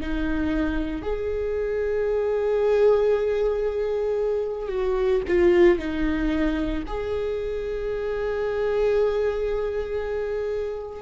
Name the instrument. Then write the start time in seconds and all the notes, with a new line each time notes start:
viola
0.00 D#4
1.01 G#4
4.68 F#4
5.27 F4
5.78 D#4
6.87 G#4